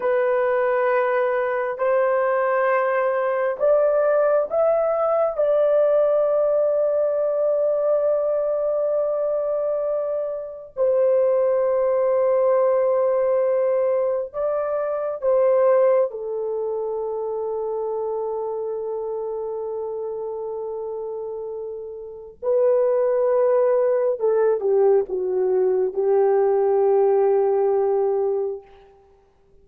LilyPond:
\new Staff \with { instrumentName = "horn" } { \time 4/4 \tempo 4 = 67 b'2 c''2 | d''4 e''4 d''2~ | d''1 | c''1 |
d''4 c''4 a'2~ | a'1~ | a'4 b'2 a'8 g'8 | fis'4 g'2. | }